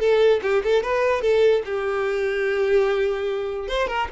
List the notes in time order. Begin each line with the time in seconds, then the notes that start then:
0.00 A4
0.42 G4
0.64 A4
0.83 B4
1.22 A4
1.65 G4
3.68 C5
3.88 A#4